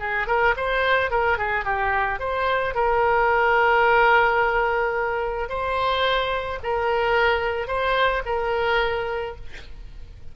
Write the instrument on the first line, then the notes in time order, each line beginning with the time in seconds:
oboe
0.00 G#4
0.27 A#4
0.57 C5
1.11 A#4
1.38 G#4
1.65 G4
2.20 C5
2.75 A#4
5.49 C5
6.63 A#4
7.67 C5
8.26 A#4